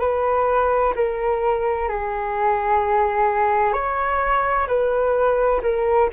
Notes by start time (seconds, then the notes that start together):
0.00 B4
0.95 A#4
1.89 G#4
3.73 C#5
4.67 B4
5.63 A#4